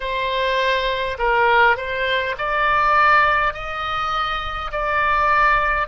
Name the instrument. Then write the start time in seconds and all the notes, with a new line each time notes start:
oboe
0.00 C5
1.18 A#4
1.76 C5
2.38 D5
3.53 D#5
4.71 D5